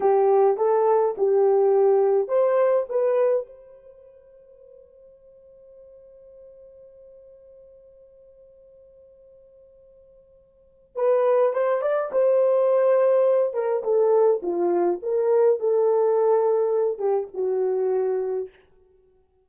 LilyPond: \new Staff \with { instrumentName = "horn" } { \time 4/4 \tempo 4 = 104 g'4 a'4 g'2 | c''4 b'4 c''2~ | c''1~ | c''1~ |
c''2. b'4 | c''8 d''8 c''2~ c''8 ais'8 | a'4 f'4 ais'4 a'4~ | a'4. g'8 fis'2 | }